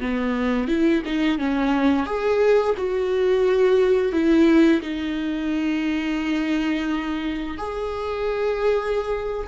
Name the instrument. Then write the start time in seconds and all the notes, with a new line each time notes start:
viola
0.00 B3
0.68 E4
1.05 D#4
1.38 C#4
2.06 G#4
2.77 F#4
4.12 E4
4.81 D#4
7.57 G#4